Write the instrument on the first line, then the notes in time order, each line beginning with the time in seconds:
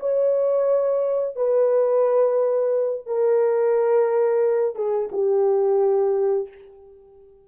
horn
0.00 C#5
1.36 B4
3.07 A#4
4.76 G#4
5.13 G4